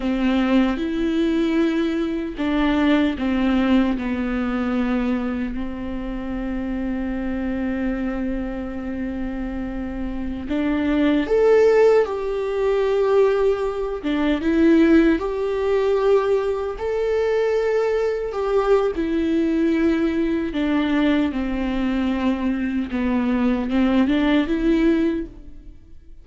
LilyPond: \new Staff \with { instrumentName = "viola" } { \time 4/4 \tempo 4 = 76 c'4 e'2 d'4 | c'4 b2 c'4~ | c'1~ | c'4~ c'16 d'4 a'4 g'8.~ |
g'4.~ g'16 d'8 e'4 g'8.~ | g'4~ g'16 a'2 g'8. | e'2 d'4 c'4~ | c'4 b4 c'8 d'8 e'4 | }